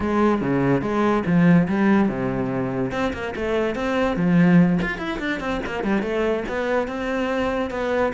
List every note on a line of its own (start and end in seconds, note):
0.00 0.41 G#3
0.41 0.81 C#3
0.81 1.23 G#3
1.25 1.67 F3
1.67 2.09 G3
2.09 2.91 C3
2.91 3.12 C4
3.13 3.34 A#3
3.35 3.75 A3
3.75 4.16 C4
4.16 4.78 F3
4.82 4.98 F4
4.98 5.18 E4
5.19 5.39 D4
5.39 5.60 C4
5.66 5.83 A#3
5.83 6.02 G3
6.02 6.43 A3
6.48 6.87 B3
6.87 7.70 C4
7.70 8.12 B3